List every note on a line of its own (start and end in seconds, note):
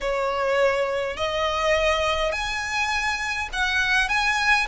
0.01 1.16 C#5
1.16 2.32 D#5
2.32 3.48 G#5
3.52 4.08 F#5
4.08 4.67 G#5